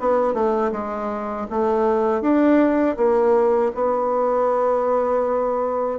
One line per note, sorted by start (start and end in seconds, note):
0.00 0.34 B3
0.34 0.72 A3
0.72 1.47 G#3
1.50 2.22 A3
2.22 2.97 D4
2.97 3.72 A#3
3.75 5.99 B3